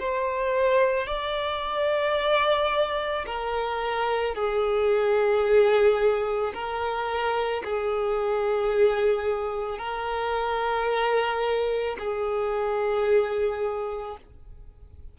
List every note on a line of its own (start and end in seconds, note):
0.00 1.07 C5
1.07 3.25 D5
3.26 4.35 A#4
4.35 6.54 G#4
6.54 7.63 A#4
7.64 9.79 G#4
9.79 11.97 A#4
12.00 14.18 G#4